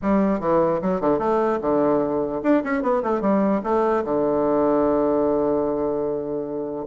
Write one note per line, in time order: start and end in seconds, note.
0.02 0.40 G3
0.40 0.80 E3
0.81 1.00 F#3
1.00 1.19 D3
1.19 1.59 A3
1.61 2.41 D3
2.42 2.62 D4
2.63 2.82 C#4
2.82 3.02 B3
3.02 3.21 A3
3.21 3.61 G3
3.63 4.03 A3
4.04 6.86 D3